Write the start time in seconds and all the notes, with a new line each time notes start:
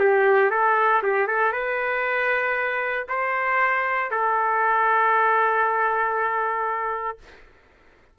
0.00 G4
0.51 A4
1.03 G4
1.28 A4
1.53 B4
3.09 C5
4.11 A4